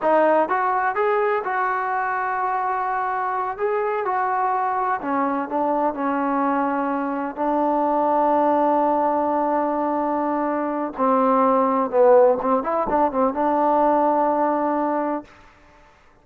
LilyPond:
\new Staff \with { instrumentName = "trombone" } { \time 4/4 \tempo 4 = 126 dis'4 fis'4 gis'4 fis'4~ | fis'2.~ fis'8 gis'8~ | gis'8 fis'2 cis'4 d'8~ | d'8 cis'2. d'8~ |
d'1~ | d'2. c'4~ | c'4 b4 c'8 e'8 d'8 c'8 | d'1 | }